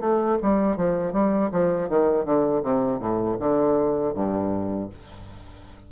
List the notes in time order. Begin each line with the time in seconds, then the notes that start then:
0.00 A3
0.42 G3
0.77 F3
1.12 G3
1.52 F3
1.89 D#3
2.25 D3
2.62 C3
2.99 A2
3.39 D3
4.14 G2